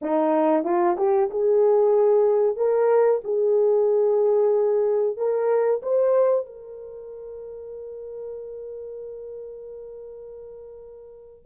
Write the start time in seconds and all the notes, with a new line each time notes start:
0.01 D#4
0.64 F4
0.97 G4
1.30 G#4
2.56 A#4
3.23 G#4
5.16 A#4
5.82 C5
6.45 A#4